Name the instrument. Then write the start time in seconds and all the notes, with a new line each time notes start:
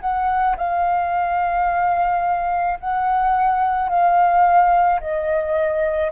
flute
0.00 F#5
0.57 F5
2.79 F#5
3.88 F5
5.00 D#5